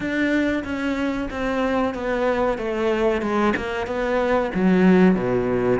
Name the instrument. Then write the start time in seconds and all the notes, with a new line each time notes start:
cello
0.00 D4
0.64 C#4
1.30 C4
1.94 B3
2.58 A3
3.21 G#3
3.56 A#3
3.86 B3
4.54 F#3
5.15 B2